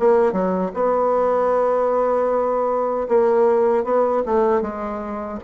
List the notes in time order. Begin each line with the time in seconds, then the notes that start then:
0.00 A#3
0.33 F#3
0.74 B3
3.09 A#3
3.85 B3
4.26 A3
4.62 G#3